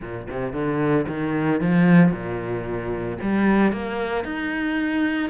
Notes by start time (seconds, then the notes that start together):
0.00 A#2
0.30 C3
0.52 D3
1.07 D#3
1.60 F3
2.11 A#2
3.21 G3
3.72 A#3
4.24 D#4